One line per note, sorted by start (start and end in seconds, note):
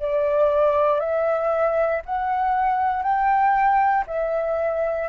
0.00 1.00 D5
1.00 2.02 E5
2.06 3.03 F#5
3.03 4.05 G5
4.07 5.09 E5